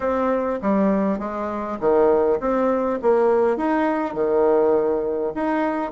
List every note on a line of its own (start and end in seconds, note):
0.00 0.59 C4
0.62 1.18 G3
1.18 1.78 G#3
1.80 2.39 D#3
2.40 2.99 C4
3.02 3.56 A#3
3.56 4.14 D#4
4.14 5.32 D#3
5.34 5.91 D#4